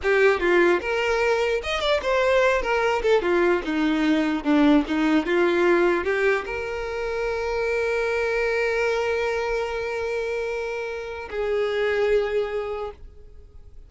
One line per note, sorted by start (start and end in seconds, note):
0.03 0.40 G4
0.40 0.80 F4
0.81 1.61 A#4
1.63 1.80 D#5
1.80 2.00 D5
2.02 2.62 C5
2.62 3.02 A#4
3.02 3.21 A4
3.21 3.62 F4
3.64 4.44 D#4
4.44 4.84 D4
4.87 5.26 D#4
5.26 6.04 F4
6.04 6.44 G4
6.45 11.29 A#4
11.30 12.91 G#4